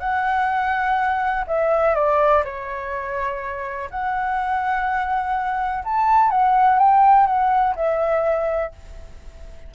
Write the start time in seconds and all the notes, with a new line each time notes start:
0.00 F#5
1.47 E5
1.95 D5
2.45 C#5
3.91 F#5
5.85 A5
6.31 F#5
6.79 G5
7.27 F#5
7.76 E5